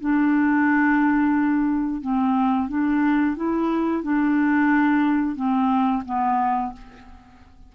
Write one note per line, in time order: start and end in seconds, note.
0.00 2.01 D4
2.01 2.69 C4
2.69 3.36 D4
3.36 4.03 E4
4.03 5.36 D4
5.36 6.03 C4
6.05 6.73 B3